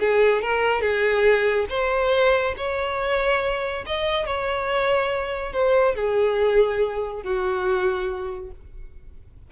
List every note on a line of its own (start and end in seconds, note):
0.00 0.42 G#4
0.42 0.81 A#4
0.81 1.67 G#4
1.70 2.55 C5
2.57 3.85 C#5
3.86 4.26 D#5
4.26 5.53 C#5
5.53 5.95 C5
5.95 7.23 G#4
7.23 8.51 F#4